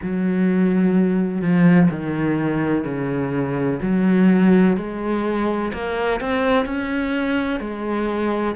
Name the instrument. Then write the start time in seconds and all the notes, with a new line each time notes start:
cello
0.02 F#3
1.41 F3
1.90 D#3
2.84 C#3
3.82 F#3
4.76 G#3
5.73 A#3
6.20 C4
6.65 C#4
7.59 G#3